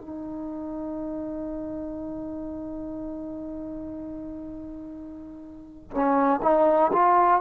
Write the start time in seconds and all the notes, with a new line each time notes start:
0.00 D#4
5.91 C#4
6.42 D#4
6.93 F4